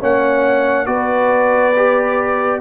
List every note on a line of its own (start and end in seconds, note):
0.00 0.87 A#3
0.00 0.86 C#4
0.00 0.87 C#5
0.00 0.86 F#5
0.86 2.61 B3
0.86 1.73 F#4
0.86 2.61 B4
0.86 2.60 D5
1.76 2.61 G4